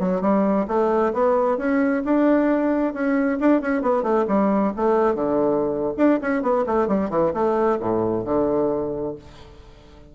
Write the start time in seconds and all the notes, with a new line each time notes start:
0.00 F#3
0.21 G3
0.68 A3
1.14 B3
1.58 C#4
2.05 D4
2.94 C#4
3.40 D4
3.62 C#4
3.82 B3
4.03 A3
4.28 G3
4.77 A3
5.15 D3
5.98 D4
6.22 C#4
6.43 B3
6.67 A3
6.88 G3
7.10 E3
7.34 A3
7.80 A2
8.25 D3